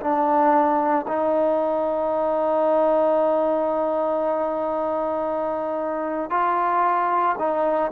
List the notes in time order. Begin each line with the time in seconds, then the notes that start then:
0.00 D4
1.07 D#4
6.30 F4
7.38 D#4